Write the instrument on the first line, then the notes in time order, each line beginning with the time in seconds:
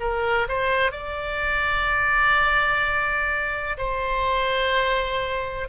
oboe
0.00 A#4
0.48 C5
0.91 D5
3.77 C5